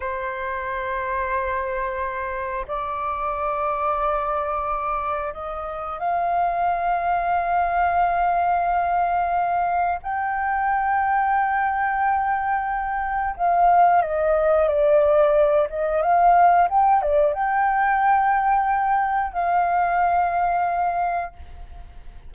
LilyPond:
\new Staff \with { instrumentName = "flute" } { \time 4/4 \tempo 4 = 90 c''1 | d''1 | dis''4 f''2.~ | f''2. g''4~ |
g''1 | f''4 dis''4 d''4. dis''8 | f''4 g''8 d''8 g''2~ | g''4 f''2. | }